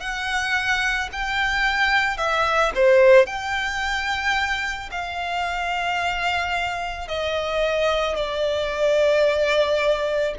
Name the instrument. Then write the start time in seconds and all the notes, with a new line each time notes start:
violin
0.00 F#5
1.12 G5
2.17 E5
2.75 C5
3.26 G5
4.91 F5
7.07 D#5
8.16 D5